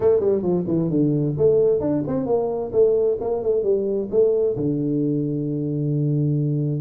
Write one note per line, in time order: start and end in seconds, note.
0.00 0.19 A3
0.19 0.42 G3
0.42 0.65 F3
0.67 0.89 E3
0.90 1.35 D3
1.37 1.80 A3
1.80 2.03 D4
2.07 2.26 C4
2.26 2.71 A#3
2.72 3.18 A3
3.20 3.42 A#3
3.42 3.63 A3
3.63 4.08 G3
4.10 4.56 A3
4.56 6.81 D3